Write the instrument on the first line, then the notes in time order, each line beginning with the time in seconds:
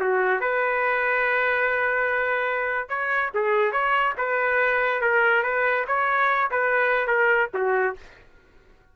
trumpet
0.00 F#4
0.40 B4
2.89 C#5
3.34 G#4
3.72 C#5
4.17 B4
5.01 A#4
5.43 B4
5.87 C#5
6.51 B4
7.07 A#4
7.54 F#4